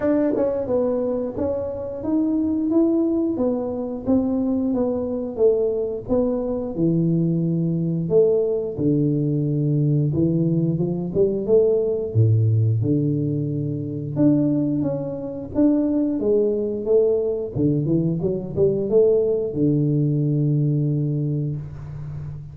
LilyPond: \new Staff \with { instrumentName = "tuba" } { \time 4/4 \tempo 4 = 89 d'8 cis'8 b4 cis'4 dis'4 | e'4 b4 c'4 b4 | a4 b4 e2 | a4 d2 e4 |
f8 g8 a4 a,4 d4~ | d4 d'4 cis'4 d'4 | gis4 a4 d8 e8 fis8 g8 | a4 d2. | }